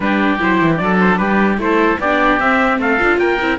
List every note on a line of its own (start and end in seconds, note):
0.00 0.39 G3
0.00 0.38 D4
0.00 0.82 G4
0.00 0.40 B4
0.38 0.61 F#3
0.38 0.76 E4
0.38 0.77 C5
0.61 0.80 E3
0.76 1.19 F#3
0.76 1.56 D4
0.76 0.97 D5
0.83 1.19 A4
1.00 1.17 C5
1.17 1.58 G3
1.17 1.59 G4
1.17 1.57 B4
1.58 1.98 A3
1.58 1.98 E4
1.58 2.00 A4
1.58 2.00 C5
1.99 2.39 B3
1.99 2.40 D4
1.99 2.80 G4
1.99 2.40 D5
2.39 2.78 C4
2.39 2.98 C4
2.39 2.80 E5
2.78 2.98 A3
2.78 3.19 A4
2.78 3.18 F5
2.98 3.17 D4
2.98 3.38 F4
3.17 3.37 A#3
3.17 3.58 A#4
3.17 3.58 G5
3.40 3.58 C4
3.40 3.58 E4